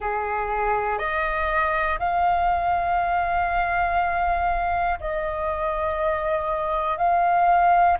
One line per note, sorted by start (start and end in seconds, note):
0.00 0.98 G#4
0.98 1.98 D#5
1.99 4.99 F5
5.00 6.97 D#5
6.97 7.97 F5